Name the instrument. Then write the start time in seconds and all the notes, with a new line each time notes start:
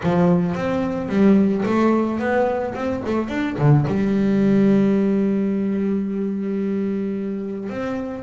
double bass
0.03 F3
0.55 C4
1.08 G3
1.65 A3
2.19 B3
2.74 C4
3.06 A3
3.28 D4
3.58 D3
3.87 G3
7.69 C4